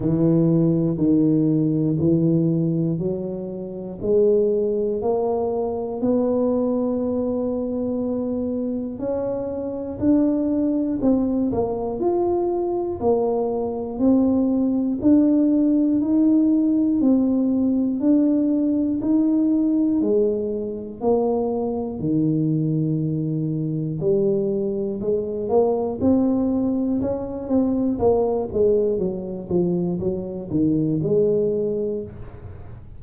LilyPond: \new Staff \with { instrumentName = "tuba" } { \time 4/4 \tempo 4 = 60 e4 dis4 e4 fis4 | gis4 ais4 b2~ | b4 cis'4 d'4 c'8 ais8 | f'4 ais4 c'4 d'4 |
dis'4 c'4 d'4 dis'4 | gis4 ais4 dis2 | g4 gis8 ais8 c'4 cis'8 c'8 | ais8 gis8 fis8 f8 fis8 dis8 gis4 | }